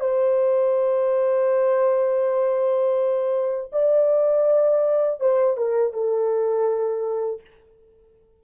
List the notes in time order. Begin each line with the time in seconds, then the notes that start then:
0.00 C5
3.72 D5
5.20 C5
5.57 A#4
5.93 A4